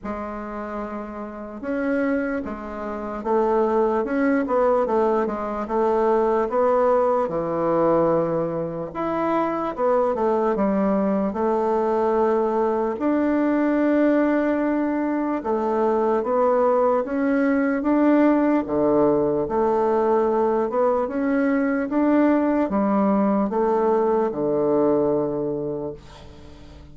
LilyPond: \new Staff \with { instrumentName = "bassoon" } { \time 4/4 \tempo 4 = 74 gis2 cis'4 gis4 | a4 cis'8 b8 a8 gis8 a4 | b4 e2 e'4 | b8 a8 g4 a2 |
d'2. a4 | b4 cis'4 d'4 d4 | a4. b8 cis'4 d'4 | g4 a4 d2 | }